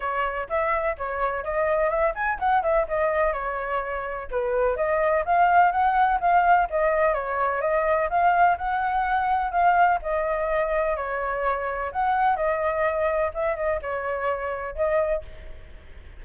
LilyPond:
\new Staff \with { instrumentName = "flute" } { \time 4/4 \tempo 4 = 126 cis''4 e''4 cis''4 dis''4 | e''8 gis''8 fis''8 e''8 dis''4 cis''4~ | cis''4 b'4 dis''4 f''4 | fis''4 f''4 dis''4 cis''4 |
dis''4 f''4 fis''2 | f''4 dis''2 cis''4~ | cis''4 fis''4 dis''2 | e''8 dis''8 cis''2 dis''4 | }